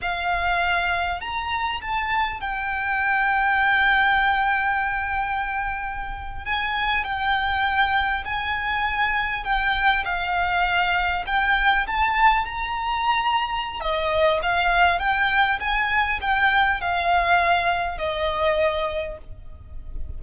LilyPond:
\new Staff \with { instrumentName = "violin" } { \time 4/4 \tempo 4 = 100 f''2 ais''4 a''4 | g''1~ | g''2~ g''8. gis''4 g''16~ | g''4.~ g''16 gis''2 g''16~ |
g''8. f''2 g''4 a''16~ | a''8. ais''2~ ais''16 dis''4 | f''4 g''4 gis''4 g''4 | f''2 dis''2 | }